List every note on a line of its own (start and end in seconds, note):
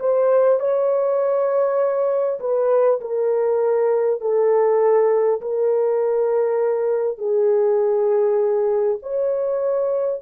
0.00 0.59 C5
0.59 2.39 C#5
2.41 3.01 B4
3.01 4.21 A#4
4.21 5.41 A4
5.41 7.18 A#4
7.18 8.98 G#4
9.03 10.22 C#5